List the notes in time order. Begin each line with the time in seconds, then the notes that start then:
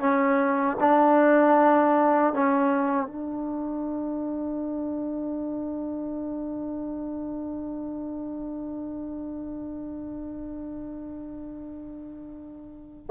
0.00 C#4
0.80 D4
2.33 C#4
3.07 D4